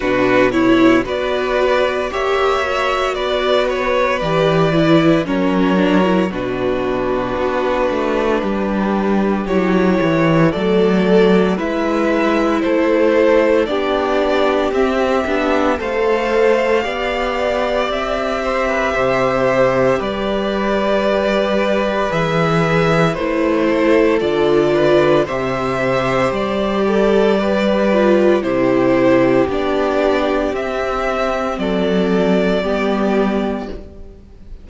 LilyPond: <<
  \new Staff \with { instrumentName = "violin" } { \time 4/4 \tempo 4 = 57 b'8 cis''8 d''4 e''4 d''8 cis''8 | d''4 cis''4 b'2~ | b'4 cis''4 d''4 e''4 | c''4 d''4 e''4 f''4~ |
f''4 e''2 d''4~ | d''4 e''4 c''4 d''4 | e''4 d''2 c''4 | d''4 e''4 d''2 | }
  \new Staff \with { instrumentName = "violin" } { \time 4/4 fis'8 e'8 b'4 cis''4 b'4~ | b'4 ais'4 fis'2 | g'2 a'4 b'4 | a'4 g'2 c''4 |
d''4. c''16 b'16 c''4 b'4~ | b'2~ b'8 a'4 b'8 | c''4. a'8 b'4 g'4~ | g'2 a'4 g'4 | }
  \new Staff \with { instrumentName = "viola" } { \time 4/4 d'8 e'8 fis'4 g'8 fis'4. | g'8 e'8 cis'8 d'16 e'16 d'2~ | d'4 e'4 a4 e'4~ | e'4 d'4 c'8 d'8 a'4 |
g'1~ | g'4 gis'4 e'4 f'4 | g'2~ g'8 f'8 e'4 | d'4 c'2 b4 | }
  \new Staff \with { instrumentName = "cello" } { \time 4/4 b,4 b4 ais4 b4 | e4 fis4 b,4 b8 a8 | g4 fis8 e8 fis4 gis4 | a4 b4 c'8 b8 a4 |
b4 c'4 c4 g4~ | g4 e4 a4 d4 | c4 g2 c4 | b4 c'4 fis4 g4 | }
>>